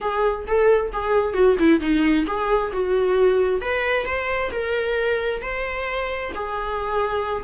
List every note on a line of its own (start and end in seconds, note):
0.00 0.45 G#4
0.47 0.92 A4
0.92 1.33 G#4
1.33 1.56 F#4
1.59 1.80 E4
1.80 2.25 D#4
2.26 2.71 G#4
2.72 3.61 F#4
3.61 4.05 B4
4.05 4.50 C5
4.51 5.41 A#4
5.41 6.32 C5
6.35 7.44 G#4